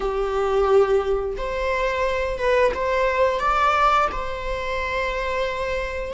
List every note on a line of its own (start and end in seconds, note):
0.00 1.36 G4
1.37 2.37 C5
2.37 2.71 B4
2.74 3.39 C5
3.39 4.08 D5
4.12 6.13 C5